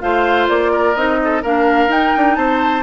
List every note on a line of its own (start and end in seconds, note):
0.00 0.49 A3
0.00 0.95 F4
0.00 0.72 C5
0.00 0.47 F5
0.48 0.96 A#3
0.48 0.95 D5
0.72 1.19 A#4
0.95 1.43 C4
0.95 1.43 D#4
0.95 1.42 D#5
1.24 1.42 A4
1.42 1.87 A#3
1.42 1.89 D4
1.42 2.37 A#4
1.42 1.91 F5
1.87 2.11 D#4
1.87 2.83 D#4
1.87 2.35 G5
2.16 2.37 D4
2.35 2.83 C4
2.35 2.83 C5
2.35 2.83 A5